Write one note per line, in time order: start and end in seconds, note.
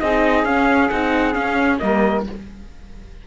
0.00 0.45 C4
0.00 0.46 D#4
0.00 1.80 G#4
0.00 0.45 D#5
0.45 0.90 C#4
0.45 0.91 C#4
0.45 0.89 F5
0.89 1.35 C4
0.89 1.33 D#4
0.89 1.33 F#5
1.33 1.78 C#4
1.33 1.80 C#4
1.33 1.78 F5
1.79 2.27 G3
1.79 2.24 A#3
1.79 2.27 A#4
1.79 2.24 D#5